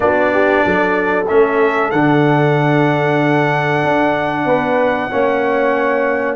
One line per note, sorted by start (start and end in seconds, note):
0.00 0.64 B3
0.00 1.25 D4
0.00 0.33 F#4
0.00 1.26 D5
0.33 0.64 G4
0.64 1.29 F#3
0.64 4.46 A4
1.27 1.92 A3
1.27 1.92 C#4
1.27 1.91 E5
1.91 3.83 D3
1.91 5.10 D4
1.91 6.36 F#5
3.83 4.45 D4
4.45 5.09 B3
4.45 5.09 B4
5.10 6.36 A#3
5.10 6.36 C#4
5.10 6.36 C#5